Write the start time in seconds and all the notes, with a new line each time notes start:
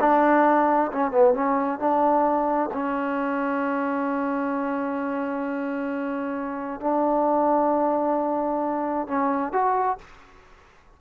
0.00 D4
0.92 C#4
1.11 B3
1.34 C#4
1.79 D4
2.73 C#4
6.80 D4
9.07 C#4
9.52 F#4